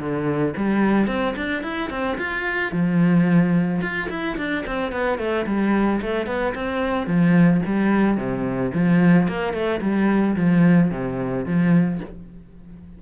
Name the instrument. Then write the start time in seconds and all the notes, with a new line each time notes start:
cello
0.00 D3
0.57 G3
1.08 C4
1.37 D4
1.63 E4
1.91 C4
2.18 F4
2.72 F3
3.82 F4
4.10 E4
4.38 D4
4.67 C4
4.93 B3
5.19 A3
5.47 G3
6.02 A3
6.27 B3
6.55 C4
7.07 F3
7.66 G3
8.17 C3
8.74 F3
9.28 A#3
9.54 A3
9.82 G3
10.37 F3
10.91 C3
11.46 F3